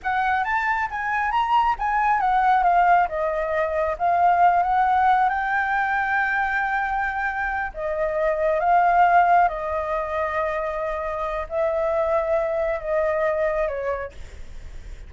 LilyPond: \new Staff \with { instrumentName = "flute" } { \time 4/4 \tempo 4 = 136 fis''4 a''4 gis''4 ais''4 | gis''4 fis''4 f''4 dis''4~ | dis''4 f''4. fis''4. | g''1~ |
g''4. dis''2 f''8~ | f''4. dis''2~ dis''8~ | dis''2 e''2~ | e''4 dis''2 cis''4 | }